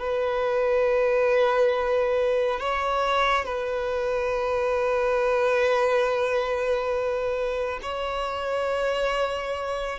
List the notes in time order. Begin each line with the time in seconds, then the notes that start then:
0.00 B4
2.60 C#5
3.45 B4
7.83 C#5